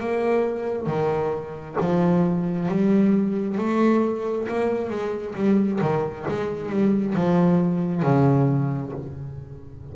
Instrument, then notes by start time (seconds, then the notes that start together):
double bass
0.00 A#3
0.87 D#3
1.80 F3
2.69 G3
3.58 A3
4.48 A#3
4.90 G#3
5.35 G3
5.81 D#3
6.28 G#3
6.70 G3
7.15 F3
8.03 C#3